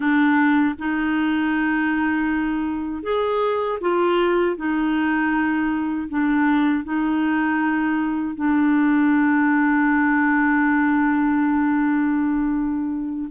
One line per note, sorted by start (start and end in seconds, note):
0.00 0.74 D4
0.78 3.02 D#4
3.02 3.78 G#4
3.80 4.56 F4
4.56 6.08 D#4
6.09 6.84 D4
6.84 8.35 D#4
8.35 13.28 D4